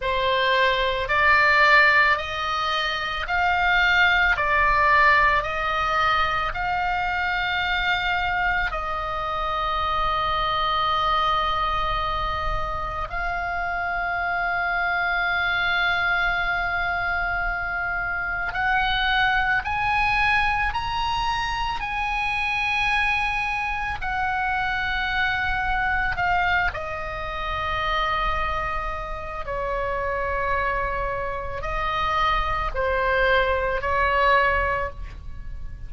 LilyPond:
\new Staff \with { instrumentName = "oboe" } { \time 4/4 \tempo 4 = 55 c''4 d''4 dis''4 f''4 | d''4 dis''4 f''2 | dis''1 | f''1~ |
f''4 fis''4 gis''4 ais''4 | gis''2 fis''2 | f''8 dis''2~ dis''8 cis''4~ | cis''4 dis''4 c''4 cis''4 | }